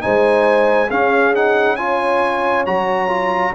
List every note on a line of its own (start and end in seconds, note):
0.00 0.90 G#3
0.00 0.88 D#4
0.00 0.88 C5
0.00 0.90 G#5
0.88 2.67 C#4
0.88 1.35 C#4
0.88 1.76 G#4
0.88 1.34 F5
1.35 1.78 D#4
1.35 1.76 F#5
1.76 2.66 F4
1.76 3.53 C#5
1.76 2.64 G#5
2.66 3.55 F#3
2.66 3.09 F#4
2.66 3.54 A#5
3.09 3.53 F4